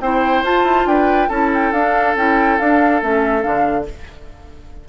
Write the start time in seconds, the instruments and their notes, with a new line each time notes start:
0.00 bassoon C4, clarinet E4, oboe C5, flute G5
0.43 bassoon F4, clarinet F4, flute A5
0.63 bassoon E4
0.85 bassoon D4, oboe B4, flute G5
1.29 bassoon C#4, clarinet E4, oboe A4, flute A5
1.54 flute G5
1.72 bassoon D4, clarinet D4, flute F5
2.16 bassoon C#4, clarinet E4, flute G5
2.59 clarinet D4, bassoon D4, flute F5
3.02 bassoon A3, clarinet C#4, flute E5
3.42 bassoon D3, clarinet D4, flute F5